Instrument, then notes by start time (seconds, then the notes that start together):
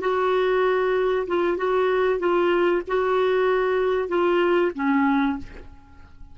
clarinet
0.00 F#4
1.27 F4
1.57 F#4
2.19 F4
2.87 F#4
4.08 F4
4.75 C#4